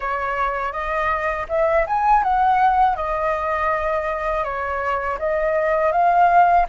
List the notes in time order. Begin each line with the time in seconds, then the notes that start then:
0.00 C#5
0.72 D#5
1.48 E5
1.86 G#5
2.23 F#5
2.96 D#5
4.44 C#5
5.19 D#5
5.92 F5